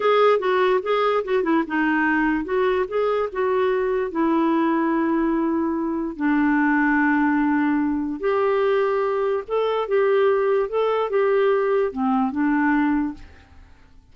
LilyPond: \new Staff \with { instrumentName = "clarinet" } { \time 4/4 \tempo 4 = 146 gis'4 fis'4 gis'4 fis'8 e'8 | dis'2 fis'4 gis'4 | fis'2 e'2~ | e'2. d'4~ |
d'1 | g'2. a'4 | g'2 a'4 g'4~ | g'4 c'4 d'2 | }